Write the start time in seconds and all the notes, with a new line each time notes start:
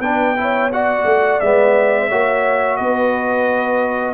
0.00 B3 D4 B4 G5
0.37 E4 C#5
0.72 F#4 D5 F#5
1.05 A3
1.40 G#3 B3 E5
2.09 A#3 F#4 C#5
2.76 B3 B4 D#5